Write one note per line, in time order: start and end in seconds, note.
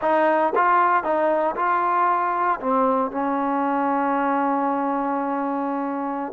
0.01 0.53 D#4
0.55 1.03 F4
1.03 1.55 D#4
1.56 2.59 F4
2.60 3.11 C4
3.11 6.32 C#4